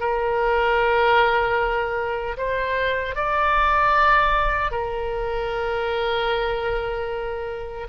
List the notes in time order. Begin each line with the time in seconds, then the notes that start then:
0.00 A#4
2.37 C5
3.15 D5
4.71 A#4